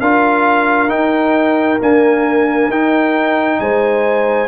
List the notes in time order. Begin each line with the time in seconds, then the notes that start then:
0.00 D4 F4 A#4 F5
0.88 D#4 G5
1.81 A#3 D4 G#5
2.69 D#4 G5
3.59 G#3 C5 G#5